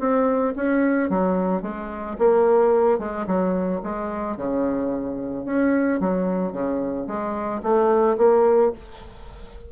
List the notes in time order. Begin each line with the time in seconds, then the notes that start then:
0.00 C4
0.57 C#4
1.10 F#3
1.62 G#3
2.19 A#3
2.99 G#3
3.27 F#3
3.84 G#3
4.37 C#3
5.46 C#4
6.00 F#3
6.53 C#3
7.07 G#3
7.63 A3
8.18 A#3